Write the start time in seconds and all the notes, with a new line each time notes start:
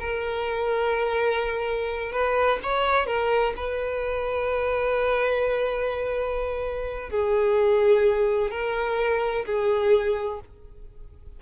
0.00 A#4
2.12 B4
2.63 C#5
3.07 A#4
3.57 B4
7.10 G#4
8.51 A#4
9.46 G#4